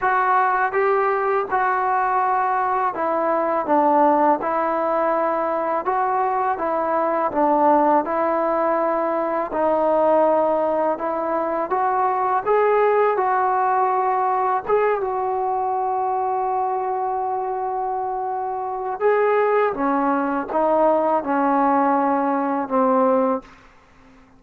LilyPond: \new Staff \with { instrumentName = "trombone" } { \time 4/4 \tempo 4 = 82 fis'4 g'4 fis'2 | e'4 d'4 e'2 | fis'4 e'4 d'4 e'4~ | e'4 dis'2 e'4 |
fis'4 gis'4 fis'2 | gis'8 fis'2.~ fis'8~ | fis'2 gis'4 cis'4 | dis'4 cis'2 c'4 | }